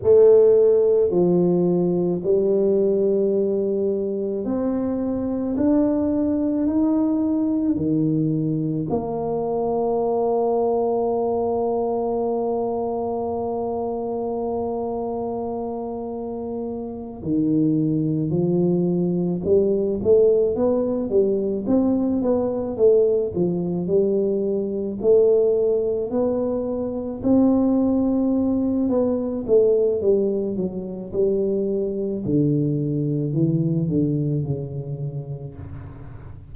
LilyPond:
\new Staff \with { instrumentName = "tuba" } { \time 4/4 \tempo 4 = 54 a4 f4 g2 | c'4 d'4 dis'4 dis4 | ais1~ | ais2.~ ais8 dis8~ |
dis8 f4 g8 a8 b8 g8 c'8 | b8 a8 f8 g4 a4 b8~ | b8 c'4. b8 a8 g8 fis8 | g4 d4 e8 d8 cis4 | }